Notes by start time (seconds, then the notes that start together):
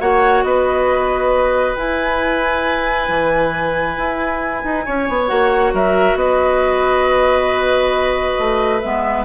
0.00 A#3 F#4 C#5 F#5
0.43 B3 B4 D#5
1.75 E4 G#5
3.09 E3
3.97 E4
4.64 D#4
4.85 C#4 C#5
5.08 B3
5.27 A#3 F#4 F#5
5.73 F#3 A#4 E5
6.15 B3 B4 D#5
8.38 A3
8.81 G#3 B3 E5